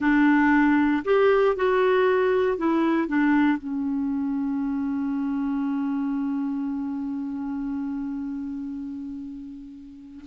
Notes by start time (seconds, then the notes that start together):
0.00 D4
1.04 G4
1.55 F#4
2.57 E4
3.07 D4
3.58 C#4